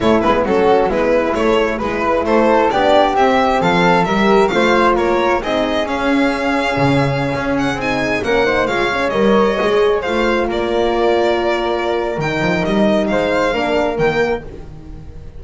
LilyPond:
<<
  \new Staff \with { instrumentName = "violin" } { \time 4/4 \tempo 4 = 133 cis''8 b'8 a'4 b'4 cis''4 | b'4 c''4 d''4 e''4 | f''4 e''4 f''4 cis''4 | dis''4 f''2.~ |
f''8. fis''8 gis''4 fis''4 f''8.~ | f''16 dis''2 f''4 d''8.~ | d''2. g''4 | dis''4 f''2 g''4 | }
  \new Staff \with { instrumentName = "flute" } { \time 4/4 e'4 fis'4 e'2 | b'4 a'4 g'2 | a'4 ais'4 c''4 ais'4 | gis'1~ |
gis'2~ gis'16 ais'8 c''8 cis''8.~ | cis''2~ cis''16 c''4 ais'8.~ | ais'1~ | ais'4 c''4 ais'2 | }
  \new Staff \with { instrumentName = "horn" } { \time 4/4 a8 b8 cis'4 b4 a4 | e'2 d'4 c'4~ | c'4 g'4 f'2 | dis'4 cis'2.~ |
cis'4~ cis'16 dis'4 cis'8 dis'8 f'8 cis'16~ | cis'16 ais'4 gis'4 f'4.~ f'16~ | f'2. dis'4~ | dis'2 d'4 ais4 | }
  \new Staff \with { instrumentName = "double bass" } { \time 4/4 a8 gis8 fis4 gis4 a4 | gis4 a4 b4 c'4 | f4 g4 a4 ais4 | c'4 cis'2 cis4~ |
cis16 cis'4 c'4 ais4 gis8.~ | gis16 g4 gis4 a4 ais8.~ | ais2. dis8 f8 | g4 gis4 ais4 dis4 | }
>>